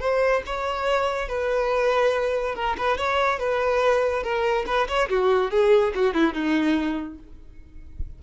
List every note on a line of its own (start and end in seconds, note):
0.00 0.42 C5
0.46 1.28 C#5
1.28 2.55 B4
2.55 2.76 A#4
2.78 2.98 B4
2.98 3.39 C#5
3.39 4.23 B4
4.23 4.65 A#4
4.67 4.88 B4
4.88 5.09 C#5
5.09 5.51 F#4
5.51 5.93 G#4
5.95 6.14 F#4
6.14 6.34 E4
6.34 7.18 D#4